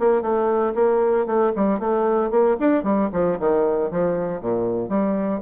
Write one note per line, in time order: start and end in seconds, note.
0.00 0.22 A#3
0.22 0.74 A3
0.75 1.26 A#3
1.26 1.52 A3
1.57 1.80 G3
1.80 2.31 A3
2.31 2.57 A#3
2.61 2.84 D4
2.84 3.10 G3
3.13 3.39 F3
3.40 3.92 D#3
3.92 4.42 F3
4.42 4.89 A#2
4.89 5.41 G3